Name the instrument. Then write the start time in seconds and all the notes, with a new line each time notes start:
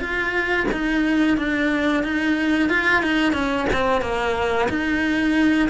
cello
0.00 F4
0.72 D#4
1.38 D4
2.04 D#4
2.70 F4
3.03 D#4
3.33 C#4
3.73 C4
4.02 A#3
4.69 D#4